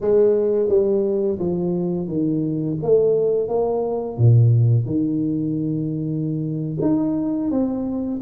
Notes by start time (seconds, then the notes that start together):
0.00 G#3
0.68 G3
1.39 F3
2.07 D#3
2.82 A3
3.48 A#3
4.17 A#2
4.85 D#3
6.81 D#4
7.51 C4